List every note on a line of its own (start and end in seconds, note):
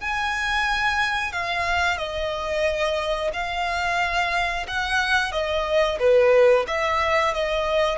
0.00 1.32 G#5
1.32 1.97 F5
1.97 3.31 D#5
3.33 4.66 F5
4.68 5.32 F#5
5.32 5.98 D#5
5.99 6.65 B4
6.67 7.34 E5
7.34 7.98 D#5